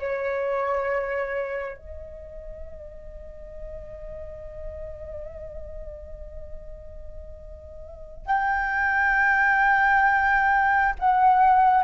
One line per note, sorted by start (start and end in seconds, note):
0.00 1.77 C#5
1.77 8.26 D#5
8.26 10.95 G5
10.99 11.84 F#5